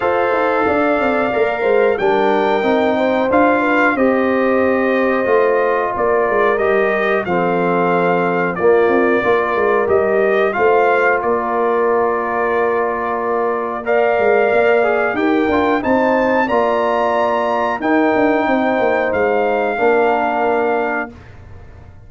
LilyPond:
<<
  \new Staff \with { instrumentName = "trumpet" } { \time 4/4 \tempo 4 = 91 f''2. g''4~ | g''4 f''4 dis''2~ | dis''4 d''4 dis''4 f''4~ | f''4 d''2 dis''4 |
f''4 d''2.~ | d''4 f''2 g''4 | a''4 ais''2 g''4~ | g''4 f''2. | }
  \new Staff \with { instrumentName = "horn" } { \time 4/4 c''4 d''4. c''8 ais'4~ | ais'8 c''4 b'8 c''2~ | c''4 ais'2 a'4~ | a'4 f'4 ais'2 |
c''4 ais'2.~ | ais'4 d''2 ais'4 | c''4 d''2 ais'4 | c''2 ais'2 | }
  \new Staff \with { instrumentName = "trombone" } { \time 4/4 a'2 ais'4 d'4 | dis'4 f'4 g'2 | f'2 g'4 c'4~ | c'4 ais4 f'4 g'4 |
f'1~ | f'4 ais'4. gis'8 g'8 f'8 | dis'4 f'2 dis'4~ | dis'2 d'2 | }
  \new Staff \with { instrumentName = "tuba" } { \time 4/4 f'8 dis'8 d'8 c'8 ais8 gis8 g4 | c'4 d'4 c'2 | a4 ais8 gis8 g4 f4~ | f4 ais8 c'8 ais8 gis8 g4 |
a4 ais2.~ | ais4. gis8 ais4 dis'8 d'8 | c'4 ais2 dis'8 d'8 | c'8 ais8 gis4 ais2 | }
>>